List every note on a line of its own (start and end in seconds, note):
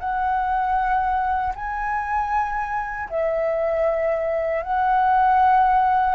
0.00 1.54 F#5
1.56 3.09 G#5
3.10 4.63 E5
4.63 6.15 F#5